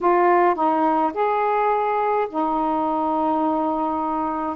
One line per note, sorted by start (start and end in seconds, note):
0.01 0.55 F4
0.55 1.12 D#4
1.13 2.28 G#4
2.29 4.56 D#4